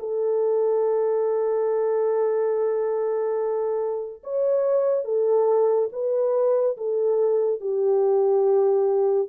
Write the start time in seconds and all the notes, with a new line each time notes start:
0.00 A4
4.24 C#5
5.05 A4
5.93 B4
6.78 A4
7.61 G4